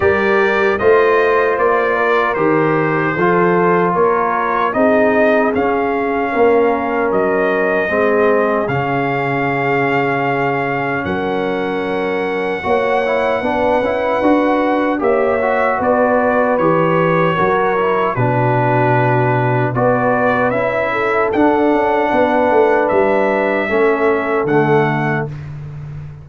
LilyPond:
<<
  \new Staff \with { instrumentName = "trumpet" } { \time 4/4 \tempo 4 = 76 d''4 dis''4 d''4 c''4~ | c''4 cis''4 dis''4 f''4~ | f''4 dis''2 f''4~ | f''2 fis''2~ |
fis''2. e''4 | d''4 cis''2 b'4~ | b'4 d''4 e''4 fis''4~ | fis''4 e''2 fis''4 | }
  \new Staff \with { instrumentName = "horn" } { \time 4/4 ais'4 c''4. ais'4. | a'4 ais'4 gis'2 | ais'2 gis'2~ | gis'2 ais'2 |
cis''4 b'2 cis''4 | b'2 ais'4 fis'4~ | fis'4 b'4. a'4. | b'2 a'2 | }
  \new Staff \with { instrumentName = "trombone" } { \time 4/4 g'4 f'2 g'4 | f'2 dis'4 cis'4~ | cis'2 c'4 cis'4~ | cis'1 |
fis'8 e'8 d'8 e'8 fis'4 g'8 fis'8~ | fis'4 g'4 fis'8 e'8 d'4~ | d'4 fis'4 e'4 d'4~ | d'2 cis'4 a4 | }
  \new Staff \with { instrumentName = "tuba" } { \time 4/4 g4 a4 ais4 dis4 | f4 ais4 c'4 cis'4 | ais4 fis4 gis4 cis4~ | cis2 fis2 |
ais4 b8 cis'8 d'4 ais4 | b4 e4 fis4 b,4~ | b,4 b4 cis'4 d'8 cis'8 | b8 a8 g4 a4 d4 | }
>>